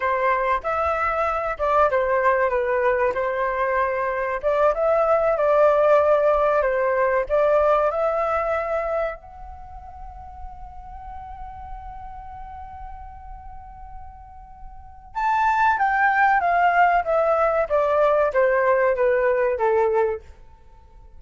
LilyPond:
\new Staff \with { instrumentName = "flute" } { \time 4/4 \tempo 4 = 95 c''4 e''4. d''8 c''4 | b'4 c''2 d''8 e''8~ | e''8 d''2 c''4 d''8~ | d''8 e''2 fis''4.~ |
fis''1~ | fis''1 | a''4 g''4 f''4 e''4 | d''4 c''4 b'4 a'4 | }